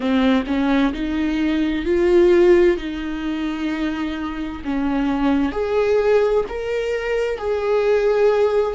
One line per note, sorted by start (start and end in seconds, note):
0.00 0.43 C4
0.46 0.92 C#4
0.93 1.85 D#4
1.85 2.77 F4
2.77 4.62 D#4
4.64 5.52 C#4
5.52 6.44 G#4
6.48 7.38 A#4
7.38 8.75 G#4